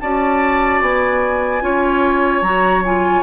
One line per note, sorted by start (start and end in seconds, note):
0.00 0.81 C#4
0.00 1.61 F#4
0.00 1.63 D5
0.00 0.81 A5
0.81 1.61 B3
0.81 2.42 G#5
1.61 2.41 C#4
1.61 2.42 F4
1.61 3.23 C#5
2.41 3.22 F#3
2.41 2.84 F#4
2.41 2.82 A#5
2.84 3.23 F4
2.84 3.23 G#5